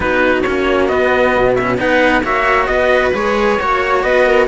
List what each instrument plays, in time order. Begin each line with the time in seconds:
0.00 cello B3 D#4, viola F#4, trumpet B4
0.42 cello A#3 C#4, trumpet C#5
0.87 cello B3, trumpet D#5
1.36 cello B2
1.55 cello C#4, trumpet E5
1.77 cello B3 D#4, viola B4, trumpet F#5
2.23 cello A#3 F#4, viola C#5, trumpet E5
2.66 cello B3, trumpet D#5
2.72 viola B4
3.13 cello G#3 G#4, trumpet C#5
3.59 cello A#3 F#4, viola C#5
4.01 cello B3, viola B4, trumpet D#5
4.26 viola A#4